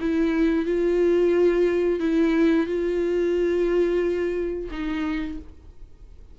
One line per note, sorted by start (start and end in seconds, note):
0.00 0.65 E4
0.65 1.99 F4
1.99 2.66 E4
2.66 4.69 F4
4.71 5.38 D#4